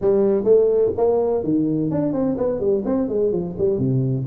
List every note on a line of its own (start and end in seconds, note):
0.01 0.44 G3
0.44 0.91 A3
0.97 1.43 A#3
1.43 1.90 D#3
1.90 2.12 D4
2.12 2.36 C4
2.37 2.60 B3
2.60 2.83 G3
2.85 3.08 C4
3.08 3.32 G#3
3.32 3.55 F3
3.58 3.78 G3
3.78 4.25 C3